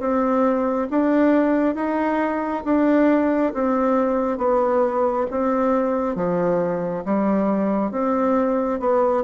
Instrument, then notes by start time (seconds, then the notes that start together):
bassoon
0.00 C4
0.91 D4
1.75 D#4
2.65 D4
3.54 C4
4.38 B3
5.31 C4
6.16 F3
7.05 G3
7.92 C4
8.80 B3